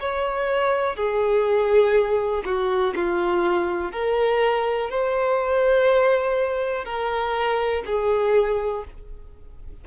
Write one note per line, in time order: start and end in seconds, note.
0.00 0.96 C#5
0.96 2.43 G#4
2.45 2.94 F#4
2.96 3.92 F4
3.92 4.90 A#4
4.90 6.85 C5
6.85 7.83 A#4
7.86 8.84 G#4